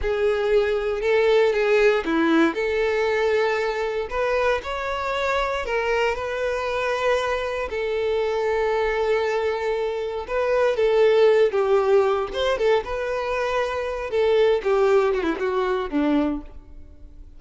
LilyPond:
\new Staff \with { instrumentName = "violin" } { \time 4/4 \tempo 4 = 117 gis'2 a'4 gis'4 | e'4 a'2. | b'4 cis''2 ais'4 | b'2. a'4~ |
a'1 | b'4 a'4. g'4. | c''8 a'8 b'2~ b'8 a'8~ | a'8 g'4 fis'16 e'16 fis'4 d'4 | }